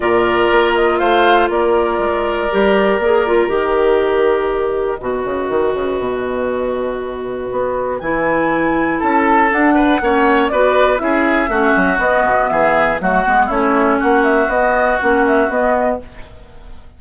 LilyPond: <<
  \new Staff \with { instrumentName = "flute" } { \time 4/4 \tempo 4 = 120 d''4. dis''8 f''4 d''4~ | d''2. dis''4~ | dis''1~ | dis''1 |
gis''2 a''4 fis''4~ | fis''4 d''4 e''2 | dis''4 e''4 fis''4 cis''4 | fis''8 e''8 dis''4 fis''8 e''8 dis''4 | }
  \new Staff \with { instrumentName = "oboe" } { \time 4/4 ais'2 c''4 ais'4~ | ais'1~ | ais'2 b'2~ | b'1~ |
b'2 a'4. b'8 | cis''4 b'4 gis'4 fis'4~ | fis'4 gis'4 fis'4 e'4 | fis'1 | }
  \new Staff \with { instrumentName = "clarinet" } { \time 4/4 f'1~ | f'4 g'4 gis'8 f'8 g'4~ | g'2 fis'2~ | fis'1 |
e'2. d'4 | cis'4 fis'4 e'4 cis'4 | b2 a8 b8 cis'4~ | cis'4 b4 cis'4 b4 | }
  \new Staff \with { instrumentName = "bassoon" } { \time 4/4 ais,4 ais4 a4 ais4 | gis4 g4 ais4 dis4~ | dis2 b,8 cis8 dis8 cis8 | b,2. b4 |
e2 cis'4 d'4 | ais4 b4 cis'4 a8 fis8 | b8 b,8 e4 fis8 gis8 a4 | ais4 b4 ais4 b4 | }
>>